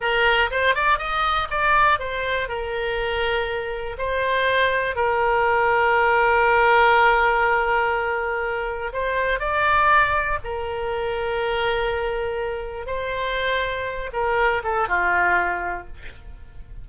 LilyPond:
\new Staff \with { instrumentName = "oboe" } { \time 4/4 \tempo 4 = 121 ais'4 c''8 d''8 dis''4 d''4 | c''4 ais'2. | c''2 ais'2~ | ais'1~ |
ais'2 c''4 d''4~ | d''4 ais'2.~ | ais'2 c''2~ | c''8 ais'4 a'8 f'2 | }